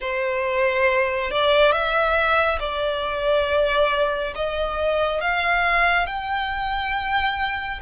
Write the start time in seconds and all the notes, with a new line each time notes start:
0.00 C5
1.30 D5
1.72 E5
2.59 D5
4.35 D#5
5.21 F5
6.06 G5